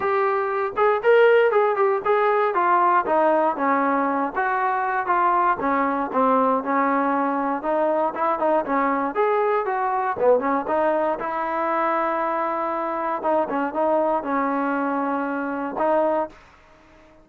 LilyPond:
\new Staff \with { instrumentName = "trombone" } { \time 4/4 \tempo 4 = 118 g'4. gis'8 ais'4 gis'8 g'8 | gis'4 f'4 dis'4 cis'4~ | cis'8 fis'4. f'4 cis'4 | c'4 cis'2 dis'4 |
e'8 dis'8 cis'4 gis'4 fis'4 | b8 cis'8 dis'4 e'2~ | e'2 dis'8 cis'8 dis'4 | cis'2. dis'4 | }